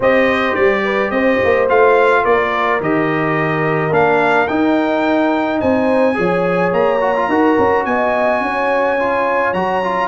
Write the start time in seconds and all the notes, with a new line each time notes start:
0.00 C4 G4 C5 D#5
0.54 G3 D5
0.84 B4
1.10 C4 C5 D#5
1.44 A#3
1.68 A3 F4 F5
2.23 A#3 A#4 D5
2.80 D#3 G4 D#5
3.90 A#3 D4 F5
4.47 D#4 G5
5.60 C4 C5 G#5
6.14 F3 G#4 C#5
6.72 A#3 A#5
7.01 F#4
7.16 F4
7.28 D#4 F#4 A#4
7.58 C#4
7.85 B3 D#5 G#5
8.41 C#4 C#5
8.99 F4
9.53 F#3 F#4 A#5
9.83 F4